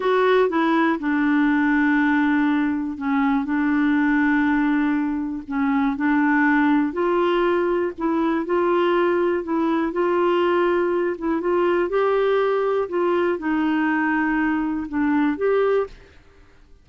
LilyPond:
\new Staff \with { instrumentName = "clarinet" } { \time 4/4 \tempo 4 = 121 fis'4 e'4 d'2~ | d'2 cis'4 d'4~ | d'2. cis'4 | d'2 f'2 |
e'4 f'2 e'4 | f'2~ f'8 e'8 f'4 | g'2 f'4 dis'4~ | dis'2 d'4 g'4 | }